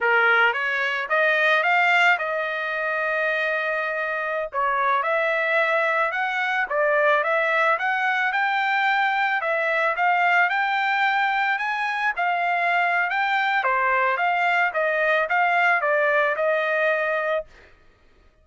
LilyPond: \new Staff \with { instrumentName = "trumpet" } { \time 4/4 \tempo 4 = 110 ais'4 cis''4 dis''4 f''4 | dis''1~ | dis''16 cis''4 e''2 fis''8.~ | fis''16 d''4 e''4 fis''4 g''8.~ |
g''4~ g''16 e''4 f''4 g''8.~ | g''4~ g''16 gis''4 f''4.~ f''16 | g''4 c''4 f''4 dis''4 | f''4 d''4 dis''2 | }